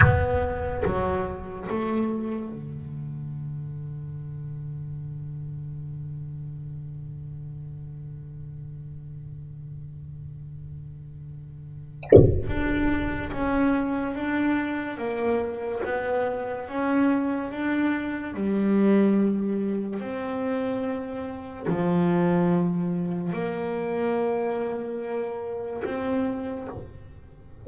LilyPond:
\new Staff \with { instrumentName = "double bass" } { \time 4/4 \tempo 4 = 72 b4 fis4 a4 d4~ | d1~ | d1~ | d2. d'4 |
cis'4 d'4 ais4 b4 | cis'4 d'4 g2 | c'2 f2 | ais2. c'4 | }